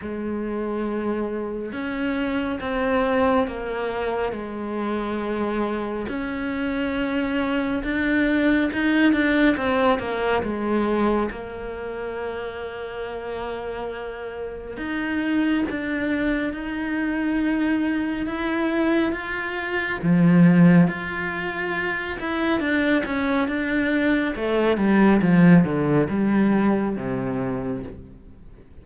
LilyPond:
\new Staff \with { instrumentName = "cello" } { \time 4/4 \tempo 4 = 69 gis2 cis'4 c'4 | ais4 gis2 cis'4~ | cis'4 d'4 dis'8 d'8 c'8 ais8 | gis4 ais2.~ |
ais4 dis'4 d'4 dis'4~ | dis'4 e'4 f'4 f4 | f'4. e'8 d'8 cis'8 d'4 | a8 g8 f8 d8 g4 c4 | }